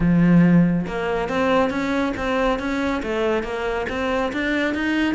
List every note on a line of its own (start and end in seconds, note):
0.00 0.86 F3
0.87 1.28 A#3
1.28 1.70 C4
1.70 2.13 C#4
2.16 2.59 C4
2.59 3.02 C#4
3.03 3.43 A3
3.43 3.86 A#3
3.89 4.32 C4
4.32 4.74 D4
4.74 5.14 D#4